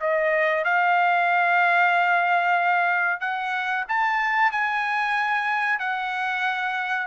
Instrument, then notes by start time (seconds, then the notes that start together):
trumpet
0.00 D#5
0.65 F5
3.21 F#5
3.89 A5
4.52 G#5
5.79 F#5